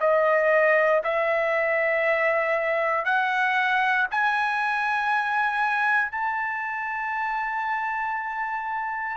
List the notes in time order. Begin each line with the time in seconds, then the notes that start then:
0.00 D#5
1.04 E5
3.05 F#5
4.11 G#5
6.12 A5